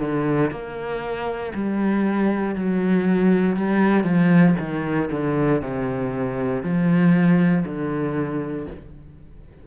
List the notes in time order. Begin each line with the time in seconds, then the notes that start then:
0.00 D3
0.51 A#3
1.54 G3
2.56 F#3
3.56 G3
4.04 F3
4.59 D#3
5.11 D3
5.62 C3
6.63 F3
7.65 D3